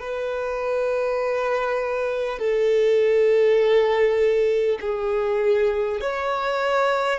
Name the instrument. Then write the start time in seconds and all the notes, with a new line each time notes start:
violin
0.00 B4
2.39 A4
4.81 G#4
6.01 C#5